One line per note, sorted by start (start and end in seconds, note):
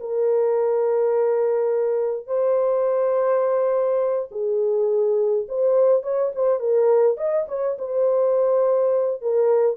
0.00 2.27 A#4
2.27 4.29 C5
4.31 5.47 G#4
5.49 6.03 C5
6.03 6.32 C#5
6.36 6.60 C5
6.60 7.17 A#4
7.17 7.46 D#5
7.48 7.77 C#5
7.79 9.22 C5
9.22 9.77 A#4